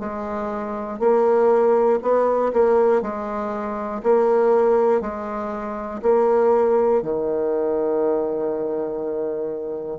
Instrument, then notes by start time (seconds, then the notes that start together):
bassoon
0.00 G#3
1.00 A#3
2.03 B3
2.54 A#3
3.02 G#3
4.03 A#3
5.01 G#3
6.03 A#3
7.02 D#3